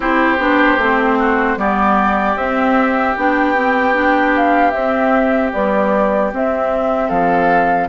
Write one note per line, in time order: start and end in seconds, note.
0.00 0.38 C4
0.00 0.38 E4
0.00 1.18 G4
0.00 1.59 C5
0.38 0.77 B3
0.38 0.78 D4
0.77 1.56 A3
0.77 1.57 C4
1.18 1.58 F#4
1.57 2.35 G3
1.57 2.36 B3
1.57 7.08 G4
1.57 2.37 D5
2.35 3.14 C4
2.35 3.16 C4
2.35 3.16 E5
3.17 4.73 B3
3.17 3.55 D4
3.17 4.35 G5
3.55 3.93 C4
3.93 4.72 D4
4.36 4.71 F5
4.71 5.52 C4
4.71 5.53 C4
4.71 5.50 E5
5.52 6.32 G3
5.52 6.32 B3
5.52 6.31 D5
6.33 7.10 C4
6.33 7.88 C4
6.33 7.09 E5
7.08 7.88 F3
7.08 7.87 A4
7.08 7.88 F5